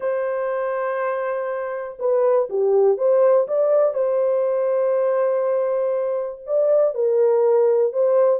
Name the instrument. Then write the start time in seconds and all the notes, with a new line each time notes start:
horn
0.00 C5
1.99 B4
2.49 G4
2.97 C5
3.47 D5
3.94 C5
6.46 D5
6.94 A#4
7.92 C5